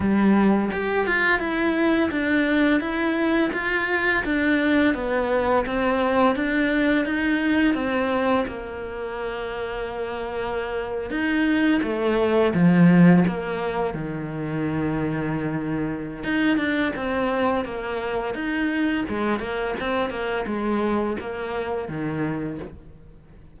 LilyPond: \new Staff \with { instrumentName = "cello" } { \time 4/4 \tempo 4 = 85 g4 g'8 f'8 e'4 d'4 | e'4 f'4 d'4 b4 | c'4 d'4 dis'4 c'4 | ais2.~ ais8. dis'16~ |
dis'8. a4 f4 ais4 dis16~ | dis2. dis'8 d'8 | c'4 ais4 dis'4 gis8 ais8 | c'8 ais8 gis4 ais4 dis4 | }